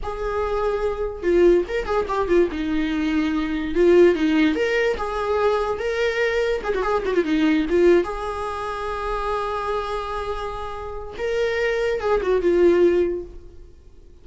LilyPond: \new Staff \with { instrumentName = "viola" } { \time 4/4 \tempo 4 = 145 gis'2. f'4 | ais'8 gis'8 g'8 f'8 dis'2~ | dis'4 f'4 dis'4 ais'4 | gis'2 ais'2 |
gis'16 fis'16 gis'8 fis'16 f'16 dis'4 f'4 gis'8~ | gis'1~ | gis'2. ais'4~ | ais'4 gis'8 fis'8 f'2 | }